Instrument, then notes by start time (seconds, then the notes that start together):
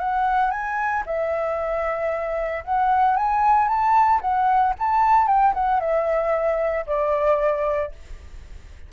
flute
0.00 F#5
0.51 G#5
1.07 E5
2.65 F#5
3.17 G#5
3.68 A5
4.22 F#5
4.79 A5
5.28 G5
5.54 F#5
5.81 E5
6.87 D5